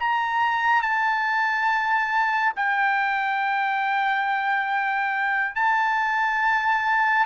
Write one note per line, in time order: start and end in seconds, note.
0.00 0.82 A#5
0.82 2.54 A5
2.56 5.56 G5
5.56 7.26 A5